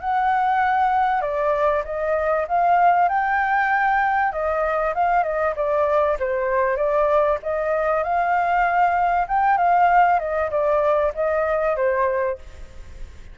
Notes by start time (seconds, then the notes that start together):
0.00 F#5
1.21 D5
1.84 D#5
2.48 F5
3.08 G5
4.32 D#5
4.95 F5
5.23 D#5
5.56 D5
6.19 C5
6.76 D5
7.43 D#5
8.03 F5
9.27 G5
9.57 F5
10.19 D#5
10.50 D5
11.15 D#5
11.76 C5